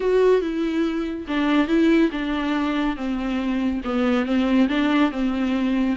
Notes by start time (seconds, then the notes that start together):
0.00 F#4
0.41 E4
1.27 D4
1.67 E4
2.11 D4
2.96 C4
3.84 B3
4.25 C4
4.68 D4
5.11 C4